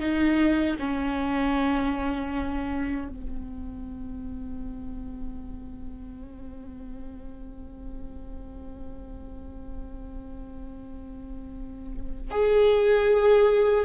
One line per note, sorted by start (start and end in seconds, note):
0.00 0.77 D#4
0.79 3.09 C#4
3.09 12.31 C4
12.31 13.85 G#4